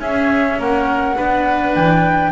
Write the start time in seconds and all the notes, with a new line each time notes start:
0.00 C#4 G#4 E5
0.59 A#3 A#4 F#5
1.16 B3 D4 B4
1.75 E3 G5